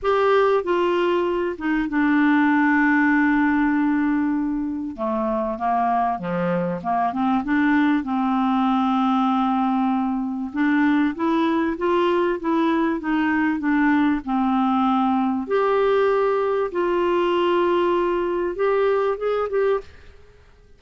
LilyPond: \new Staff \with { instrumentName = "clarinet" } { \time 4/4 \tempo 4 = 97 g'4 f'4. dis'8 d'4~ | d'1 | a4 ais4 f4 ais8 c'8 | d'4 c'2.~ |
c'4 d'4 e'4 f'4 | e'4 dis'4 d'4 c'4~ | c'4 g'2 f'4~ | f'2 g'4 gis'8 g'8 | }